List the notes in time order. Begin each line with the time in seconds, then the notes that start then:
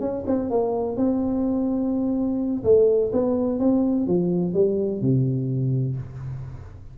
0.00 C#4
0.26 C4
0.50 A#3
0.97 C4
2.64 A3
3.13 B3
3.59 C4
4.07 F3
4.53 G3
5.01 C3